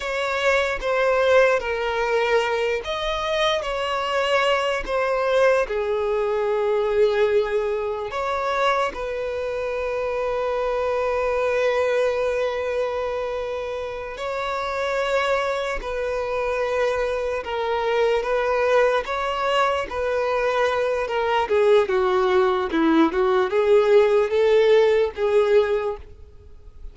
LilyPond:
\new Staff \with { instrumentName = "violin" } { \time 4/4 \tempo 4 = 74 cis''4 c''4 ais'4. dis''8~ | dis''8 cis''4. c''4 gis'4~ | gis'2 cis''4 b'4~ | b'1~ |
b'4. cis''2 b'8~ | b'4. ais'4 b'4 cis''8~ | cis''8 b'4. ais'8 gis'8 fis'4 | e'8 fis'8 gis'4 a'4 gis'4 | }